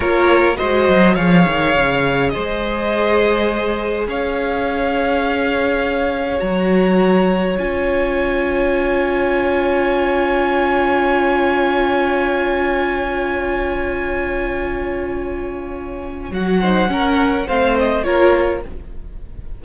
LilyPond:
<<
  \new Staff \with { instrumentName = "violin" } { \time 4/4 \tempo 4 = 103 cis''4 dis''4 f''2 | dis''2. f''4~ | f''2. ais''4~ | ais''4 gis''2.~ |
gis''1~ | gis''1~ | gis''1 | fis''2 f''8 dis''8 cis''4 | }
  \new Staff \with { instrumentName = "violin" } { \time 4/4 ais'4 c''4 cis''2 | c''2. cis''4~ | cis''1~ | cis''1~ |
cis''1~ | cis''1~ | cis''1~ | cis''8 c''8 ais'4 c''4 ais'4 | }
  \new Staff \with { instrumentName = "viola" } { \time 4/4 f'4 fis'4 gis'2~ | gis'1~ | gis'2. fis'4~ | fis'4 f'2.~ |
f'1~ | f'1~ | f'1 | fis'8 dis'8 cis'4 c'4 f'4 | }
  \new Staff \with { instrumentName = "cello" } { \time 4/4 ais4 gis8 fis8 f8 dis8 cis4 | gis2. cis'4~ | cis'2. fis4~ | fis4 cis'2.~ |
cis'1~ | cis'1~ | cis'1 | fis4 cis'4 a4 ais4 | }
>>